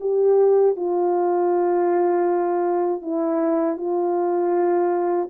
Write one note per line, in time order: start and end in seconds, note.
0.00 0.76 G4
0.76 3.02 F4
3.02 3.77 E4
3.77 5.29 F4